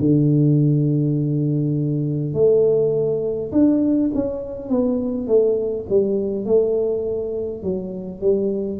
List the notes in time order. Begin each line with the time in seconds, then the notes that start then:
0.00 D3
2.34 A3
3.52 D4
4.14 C#4
4.70 B3
5.27 A3
5.89 G3
6.45 A3
7.63 F#3
8.21 G3